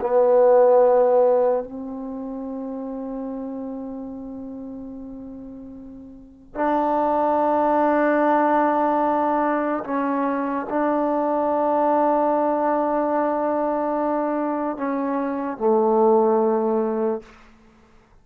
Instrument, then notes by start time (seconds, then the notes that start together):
trombone
0.00 B3
1.63 C4
6.54 D4
9.84 C#4
10.69 D4
14.77 C#4
15.57 A3